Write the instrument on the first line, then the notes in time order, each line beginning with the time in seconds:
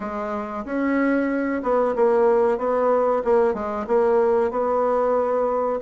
bassoon
0.00 G#3
0.65 C#4
1.62 B3
1.95 A#3
2.57 B3
3.24 A#3
3.53 G#3
3.87 A#3
4.50 B3